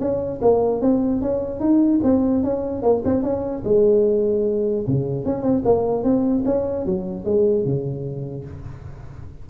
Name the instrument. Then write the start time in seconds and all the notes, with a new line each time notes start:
tuba
0.00 C#4
0.42 A#3
0.81 C4
1.22 C#4
1.60 D#4
2.03 C4
2.44 C#4
2.82 A#3
3.05 C4
3.23 C#4
3.64 G#3
4.87 C#3
5.25 C#4
5.42 C4
5.65 A#3
6.03 C4
6.45 C#4
6.86 F#3
7.25 G#3
7.65 C#3